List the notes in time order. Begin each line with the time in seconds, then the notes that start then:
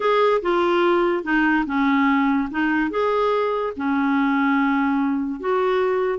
0.00 G#4
0.42 F4
1.23 D#4
1.66 C#4
2.51 D#4
2.90 G#4
3.76 C#4
5.40 F#4